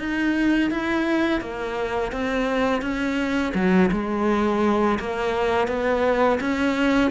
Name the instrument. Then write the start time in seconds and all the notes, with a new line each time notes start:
cello
0.00 D#4
0.71 E4
1.41 A#3
2.13 C4
2.82 C#4
3.55 F#3
3.92 G#3
5.00 A#3
5.68 B3
6.41 C#4